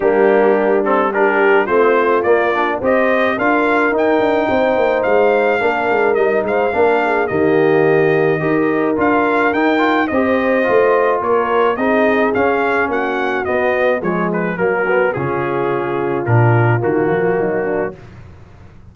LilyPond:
<<
  \new Staff \with { instrumentName = "trumpet" } { \time 4/4 \tempo 4 = 107 g'4. a'8 ais'4 c''4 | d''4 dis''4 f''4 g''4~ | g''4 f''2 dis''8 f''8~ | f''4 dis''2. |
f''4 g''4 dis''2 | cis''4 dis''4 f''4 fis''4 | dis''4 cis''8 b'8 ais'4 gis'4~ | gis'4 ais'4 fis'2 | }
  \new Staff \with { instrumentName = "horn" } { \time 4/4 d'2 g'4 f'4~ | f'4 c''4 ais'2 | c''2 ais'4. c''8 | ais'8 gis'8 g'2 ais'4~ |
ais'2 c''2 | ais'4 gis'2 fis'4~ | fis'4 gis'4 fis'4 f'4~ | f'2. dis'8 d'8 | }
  \new Staff \with { instrumentName = "trombone" } { \time 4/4 ais4. c'8 d'4 c'4 | ais8 d'8 g'4 f'4 dis'4~ | dis'2 d'4 dis'4 | d'4 ais2 g'4 |
f'4 dis'8 f'8 g'4 f'4~ | f'4 dis'4 cis'2 | b4 gis4 ais8 b8 cis'4~ | cis'4 d'4 ais2 | }
  \new Staff \with { instrumentName = "tuba" } { \time 4/4 g2. a4 | ais4 c'4 d'4 dis'8 d'8 | c'8 ais8 gis4 ais8 gis8 g8 gis8 | ais4 dis2 dis'4 |
d'4 dis'4 c'4 a4 | ais4 c'4 cis'4 ais4 | b4 f4 fis4 cis4~ | cis4 ais,4 dis8 f8 fis4 | }
>>